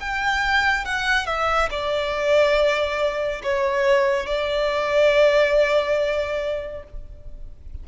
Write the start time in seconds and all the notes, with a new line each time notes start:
0.00 G5
0.85 F#5
1.27 E5
1.71 D5
3.43 C#5
4.27 D5